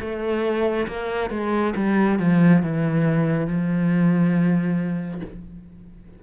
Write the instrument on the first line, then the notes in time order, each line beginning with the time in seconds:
cello
0.00 A3
0.87 A#3
1.30 G#3
1.75 G3
2.19 F3
2.62 E3
3.47 F3